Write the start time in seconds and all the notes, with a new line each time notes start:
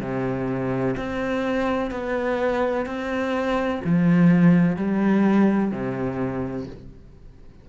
0.00 C3
0.97 C4
1.90 B3
2.86 C4
3.84 F3
4.77 G3
5.71 C3